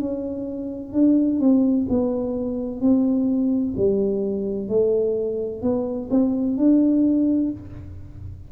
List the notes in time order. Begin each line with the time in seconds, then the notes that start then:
0.00 C#4
0.93 D4
1.41 C4
1.90 B3
2.81 C4
3.77 G3
4.69 A3
5.62 B3
6.11 C4
6.58 D4